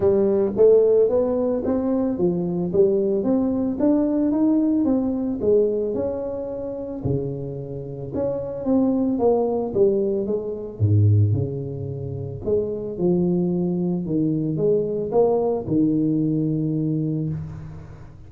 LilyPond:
\new Staff \with { instrumentName = "tuba" } { \time 4/4 \tempo 4 = 111 g4 a4 b4 c'4 | f4 g4 c'4 d'4 | dis'4 c'4 gis4 cis'4~ | cis'4 cis2 cis'4 |
c'4 ais4 g4 gis4 | gis,4 cis2 gis4 | f2 dis4 gis4 | ais4 dis2. | }